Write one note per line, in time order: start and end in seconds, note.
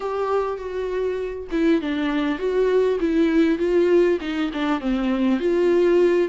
0.00 0.57 G4
0.57 1.47 F#4
1.51 1.81 E4
1.81 2.38 D4
2.38 2.98 F#4
3.00 3.58 E4
3.58 4.18 F4
4.20 4.50 D#4
4.53 4.80 D4
4.80 5.39 C4
5.39 6.28 F4